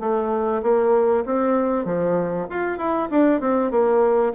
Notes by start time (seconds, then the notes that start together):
0.00 A3
0.62 A#3
1.25 C4
1.85 F3
2.50 F4
2.78 E4
3.10 D4
3.40 C4
3.71 A#3